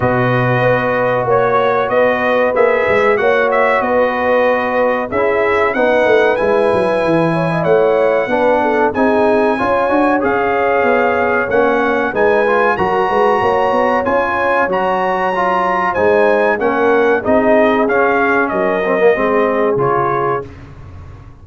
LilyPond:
<<
  \new Staff \with { instrumentName = "trumpet" } { \time 4/4 \tempo 4 = 94 dis''2 cis''4 dis''4 | e''4 fis''8 e''8 dis''2 | e''4 fis''4 gis''2 | fis''2 gis''2 |
f''2 fis''4 gis''4 | ais''2 gis''4 ais''4~ | ais''4 gis''4 fis''4 dis''4 | f''4 dis''2 cis''4 | }
  \new Staff \with { instrumentName = "horn" } { \time 4/4 b'2 cis''4 b'4~ | b'4 cis''4 b'2 | gis'4 b'2~ b'8 cis''16 dis''16 | cis''4 b'8 a'8 gis'4 cis''4~ |
cis''2. b'4 | ais'8 b'8 cis''2.~ | cis''4 c''4 ais'4 gis'4~ | gis'4 ais'4 gis'2 | }
  \new Staff \with { instrumentName = "trombone" } { \time 4/4 fis'1 | gis'4 fis'2. | e'4 dis'4 e'2~ | e'4 d'4 dis'4 f'8 fis'8 |
gis'2 cis'4 dis'8 f'8 | fis'2 f'4 fis'4 | f'4 dis'4 cis'4 dis'4 | cis'4. c'16 ais16 c'4 f'4 | }
  \new Staff \with { instrumentName = "tuba" } { \time 4/4 b,4 b4 ais4 b4 | ais8 gis8 ais4 b2 | cis'4 b8 a8 gis8 fis8 e4 | a4 b4 c'4 cis'8 d'8 |
cis'4 b4 ais4 gis4 | fis8 gis8 ais8 b8 cis'4 fis4~ | fis4 gis4 ais4 c'4 | cis'4 fis4 gis4 cis4 | }
>>